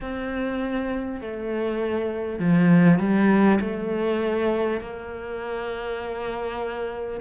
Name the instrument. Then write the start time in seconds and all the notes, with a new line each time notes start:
cello
0.01 C4
1.21 A3
2.39 F3
2.99 G3
3.60 A3
4.80 A#3